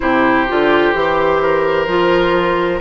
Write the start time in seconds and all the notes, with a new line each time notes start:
0.00 C3 E4 G4 C5
0.47 D3 F4
0.93 E3 G4
1.42 A#4
1.87 F3 F4